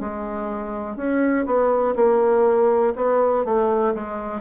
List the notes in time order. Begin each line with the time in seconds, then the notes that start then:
0.00 G#3
0.96 C#4
1.46 B3
1.95 A#3
2.96 B3
3.45 A3
3.94 G#3